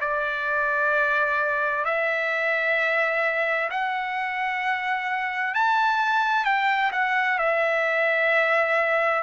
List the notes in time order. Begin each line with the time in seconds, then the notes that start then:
0.00 D5
1.85 E5
3.70 F#5
5.54 A5
6.44 G5
6.92 F#5
7.38 E5